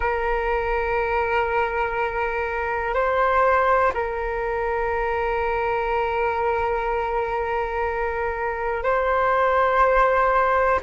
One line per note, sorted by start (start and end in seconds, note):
0.00 2.93 A#4
2.93 3.92 C5
3.93 8.83 A#4
8.83 10.80 C5